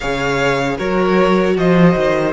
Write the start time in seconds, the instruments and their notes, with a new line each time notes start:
0.00 cello C#3, viola G#4, violin C#5 F5
0.77 cello F#3, viola F#4, violin A#4 C#5
1.56 cello F3, violin C5 D#5
1.96 cello D#3